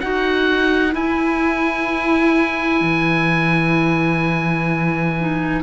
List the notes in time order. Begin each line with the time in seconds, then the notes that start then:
0.00 D#4 F#4 B4 F#5
0.91 E4 G#5
2.81 E3
5.19 D#4